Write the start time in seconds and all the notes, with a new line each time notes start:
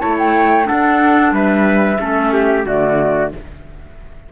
0.00 A3 E4 C#5 A5
0.18 G5
0.64 D4 A4 F#5
0.70 D4
1.32 G3 B4 E5
1.99 A3 C#4 A4
2.34 G4
2.65 D3 A3 F#4 D5